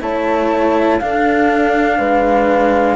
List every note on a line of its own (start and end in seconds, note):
0.00 1.01 A3
0.00 1.00 E4
0.00 1.02 C#5
0.00 1.00 A5
1.00 2.96 D4
1.00 1.99 D4
1.00 1.97 A4
1.00 2.96 F5
1.97 2.96 G#3
1.97 2.96 B4